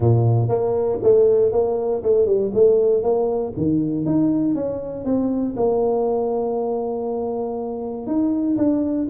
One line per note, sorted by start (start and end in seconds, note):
0.00 0.48 A#2
0.48 0.98 A#3
1.02 1.51 A3
1.51 2.02 A#3
2.02 2.26 A3
2.26 2.51 G3
2.54 3.02 A3
3.02 3.53 A#3
3.56 4.05 D#3
4.05 4.54 D#4
4.54 5.04 C#4
5.04 5.55 C4
5.56 8.06 A#3
8.06 8.57 D#4
8.57 9.08 D4